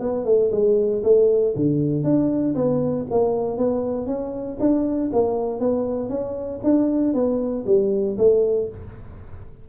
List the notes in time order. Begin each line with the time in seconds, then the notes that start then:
0.00 B3
0.25 A3
0.52 G#3
1.04 A3
1.56 D3
2.04 D4
2.55 B3
3.11 A#3
3.58 B3
4.07 C#4
4.60 D4
5.13 A#3
5.60 B3
6.09 C#4
6.63 D4
7.14 B3
7.66 G3
8.18 A3